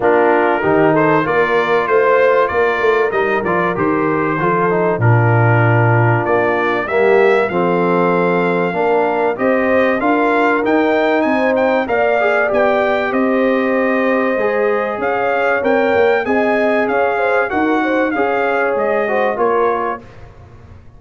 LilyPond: <<
  \new Staff \with { instrumentName = "trumpet" } { \time 4/4 \tempo 4 = 96 ais'4. c''8 d''4 c''4 | d''4 dis''8 d''8 c''2 | ais'2 d''4 e''4 | f''2. dis''4 |
f''4 g''4 gis''8 g''8 f''4 | g''4 dis''2. | f''4 g''4 gis''4 f''4 | fis''4 f''4 dis''4 cis''4 | }
  \new Staff \with { instrumentName = "horn" } { \time 4/4 f'4 g'8 a'8 ais'4 c''4 | ais'2. a'4 | f'2. g'4 | a'2 ais'4 c''4 |
ais'2 c''4 d''4~ | d''4 c''2. | cis''2 dis''4 cis''8 c''8 | ais'8 c''8 cis''4. c''8 ais'4 | }
  \new Staff \with { instrumentName = "trombone" } { \time 4/4 d'4 dis'4 f'2~ | f'4 dis'8 f'8 g'4 f'8 dis'8 | d'2. ais4 | c'2 d'4 g'4 |
f'4 dis'2 ais'8 gis'8 | g'2. gis'4~ | gis'4 ais'4 gis'2 | fis'4 gis'4. fis'8 f'4 | }
  \new Staff \with { instrumentName = "tuba" } { \time 4/4 ais4 dis4 ais4 a4 | ais8 a8 g8 f8 dis4 f4 | ais,2 ais4 g4 | f2 ais4 c'4 |
d'4 dis'4 c'4 ais4 | b4 c'2 gis4 | cis'4 c'8 ais8 c'4 cis'4 | dis'4 cis'4 gis4 ais4 | }
>>